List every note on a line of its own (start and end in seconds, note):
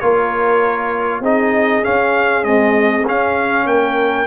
0.00 1.21 A#3
0.00 1.23 F4
0.00 1.21 A#4
0.00 1.22 C#5
1.21 1.82 C4
1.21 1.83 D#4
1.21 3.66 G#4
1.21 1.84 D#5
1.83 2.43 C#4
1.83 2.47 C#4
1.83 2.44 F5
2.43 3.04 G#3
2.43 3.08 C4
2.43 3.05 D#5
3.06 4.27 C#4
3.06 3.66 C#4
3.06 3.67 F5
3.66 4.27 A#3
3.66 4.27 A#4
3.66 4.27 G5